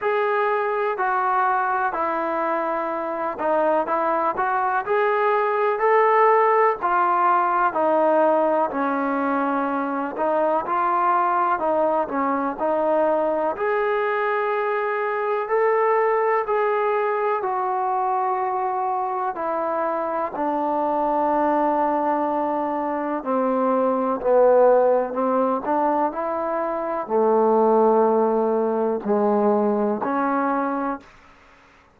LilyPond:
\new Staff \with { instrumentName = "trombone" } { \time 4/4 \tempo 4 = 62 gis'4 fis'4 e'4. dis'8 | e'8 fis'8 gis'4 a'4 f'4 | dis'4 cis'4. dis'8 f'4 | dis'8 cis'8 dis'4 gis'2 |
a'4 gis'4 fis'2 | e'4 d'2. | c'4 b4 c'8 d'8 e'4 | a2 gis4 cis'4 | }